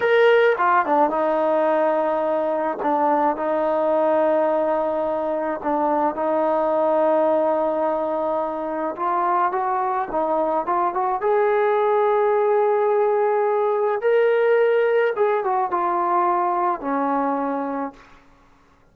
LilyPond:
\new Staff \with { instrumentName = "trombone" } { \time 4/4 \tempo 4 = 107 ais'4 f'8 d'8 dis'2~ | dis'4 d'4 dis'2~ | dis'2 d'4 dis'4~ | dis'1 |
f'4 fis'4 dis'4 f'8 fis'8 | gis'1~ | gis'4 ais'2 gis'8 fis'8 | f'2 cis'2 | }